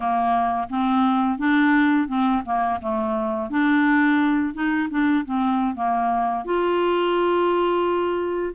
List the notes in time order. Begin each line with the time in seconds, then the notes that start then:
0.00 A#3
0.69 C4
1.38 D4
2.07 C4
2.45 A#3
2.81 A3
3.49 D4
4.53 D#4
4.90 D4
5.25 C4
5.75 A#3
6.44 F4